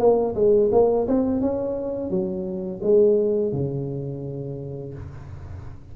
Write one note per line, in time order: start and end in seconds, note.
0.00 0.35 A#3
0.36 0.71 G#3
0.73 1.08 A#3
1.08 1.41 C4
1.41 2.10 C#4
2.10 2.81 F#3
2.83 3.53 G#3
3.53 4.94 C#3